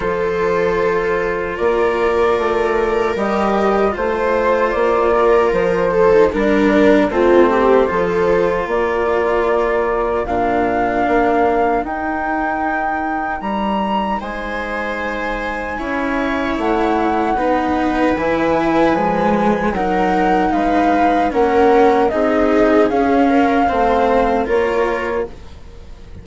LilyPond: <<
  \new Staff \with { instrumentName = "flute" } { \time 4/4 \tempo 4 = 76 c''2 d''2 | dis''4 c''4 d''4 c''4 | ais'4 c''2 d''4~ | d''4 f''2 g''4~ |
g''4 ais''4 gis''2~ | gis''4 fis''2 gis''4~ | gis''4 fis''4 f''4 fis''4 | dis''4 f''2 cis''4 | }
  \new Staff \with { instrumentName = "viola" } { \time 4/4 a'2 ais'2~ | ais'4 c''4. ais'4 a'8 | ais'4 f'8 g'8 a'4 ais'4~ | ais'1~ |
ais'2 c''2 | cis''2 b'2~ | b'4 ais'4 b'4 ais'4 | gis'4. ais'8 c''4 ais'4 | }
  \new Staff \with { instrumentName = "cello" } { \time 4/4 f'1 | g'4 f'2~ f'8. dis'16 | d'4 c'4 f'2~ | f'4 d'2 dis'4~ |
dis'1 | e'2 dis'4 e'4 | gis4 dis'2 cis'4 | dis'4 cis'4 c'4 f'4 | }
  \new Staff \with { instrumentName = "bassoon" } { \time 4/4 f2 ais4 a4 | g4 a4 ais4 f4 | g4 a4 f4 ais4~ | ais4 ais,4 ais4 dis'4~ |
dis'4 g4 gis2 | cis'4 a4 b4 e4 | f4 fis4 gis4 ais4 | c'4 cis'4 a4 ais4 | }
>>